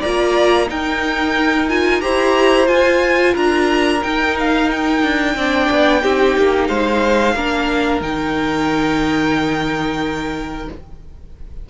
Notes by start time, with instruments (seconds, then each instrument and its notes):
0.00 cello A#3, viola F4, violin D5 A#5
0.67 viola D#4, cello D#4, violin A#4 G5
1.69 viola F4, violin G#5
2.01 cello E4, viola G4, violin C5 A#5
2.66 viola F4, cello F4, violin G#5
3.34 cello D4, violin A#4 A#5
4.03 viola D#4, cello D#4, violin G5
4.39 violin F5
4.71 violin G5
5.03 cello D4
5.35 cello C4, viola D4, violin D5
5.71 cello B3
6.02 cello C4, viola D#4, violin G4
6.37 cello A#3
6.67 cello G#3, violin C5 F5
7.35 cello A#3, viola D4, violin A#4
8.02 cello D#3, viola D#4, violin G5